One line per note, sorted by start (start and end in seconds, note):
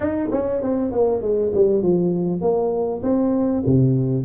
0.00 0.29 D#4
0.31 0.61 C#4
0.62 0.91 C4
0.91 1.21 A#3
1.21 1.52 G#3
1.54 1.82 G3
1.82 2.41 F3
2.41 3.01 A#3
3.02 3.63 C4
3.66 4.24 C3